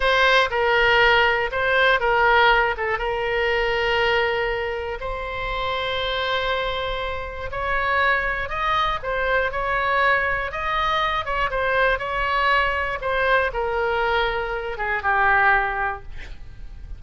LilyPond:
\new Staff \with { instrumentName = "oboe" } { \time 4/4 \tempo 4 = 120 c''4 ais'2 c''4 | ais'4. a'8 ais'2~ | ais'2 c''2~ | c''2. cis''4~ |
cis''4 dis''4 c''4 cis''4~ | cis''4 dis''4. cis''8 c''4 | cis''2 c''4 ais'4~ | ais'4. gis'8 g'2 | }